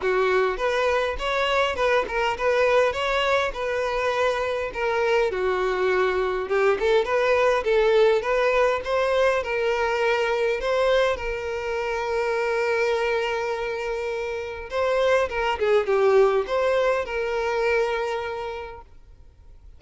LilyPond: \new Staff \with { instrumentName = "violin" } { \time 4/4 \tempo 4 = 102 fis'4 b'4 cis''4 b'8 ais'8 | b'4 cis''4 b'2 | ais'4 fis'2 g'8 a'8 | b'4 a'4 b'4 c''4 |
ais'2 c''4 ais'4~ | ais'1~ | ais'4 c''4 ais'8 gis'8 g'4 | c''4 ais'2. | }